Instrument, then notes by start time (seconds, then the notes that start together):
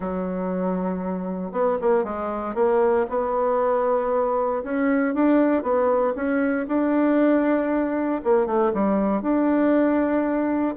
bassoon
0.00 F#3
1.52 B3
1.81 A#3
2.04 G#3
2.55 A#3
3.09 B3
4.63 C#4
5.14 D4
5.62 B3
6.15 C#4
6.67 D4
8.24 A#3
8.46 A3
8.73 G3
9.21 D4